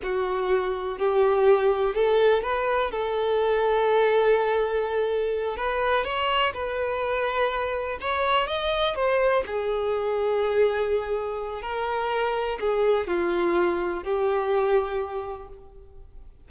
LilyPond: \new Staff \with { instrumentName = "violin" } { \time 4/4 \tempo 4 = 124 fis'2 g'2 | a'4 b'4 a'2~ | a'2.~ a'8 b'8~ | b'8 cis''4 b'2~ b'8~ |
b'8 cis''4 dis''4 c''4 gis'8~ | gis'1 | ais'2 gis'4 f'4~ | f'4 g'2. | }